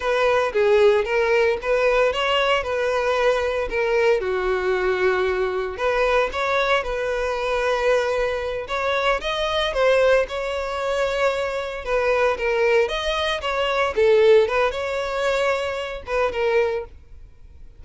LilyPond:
\new Staff \with { instrumentName = "violin" } { \time 4/4 \tempo 4 = 114 b'4 gis'4 ais'4 b'4 | cis''4 b'2 ais'4 | fis'2. b'4 | cis''4 b'2.~ |
b'8 cis''4 dis''4 c''4 cis''8~ | cis''2~ cis''8 b'4 ais'8~ | ais'8 dis''4 cis''4 a'4 b'8 | cis''2~ cis''8 b'8 ais'4 | }